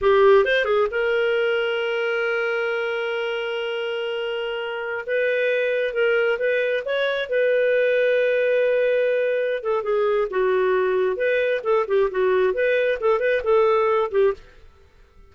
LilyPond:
\new Staff \with { instrumentName = "clarinet" } { \time 4/4 \tempo 4 = 134 g'4 c''8 gis'8 ais'2~ | ais'1~ | ais'2.~ ais'16 b'8.~ | b'4~ b'16 ais'4 b'4 cis''8.~ |
cis''16 b'2.~ b'8.~ | b'4. a'8 gis'4 fis'4~ | fis'4 b'4 a'8 g'8 fis'4 | b'4 a'8 b'8 a'4. g'8 | }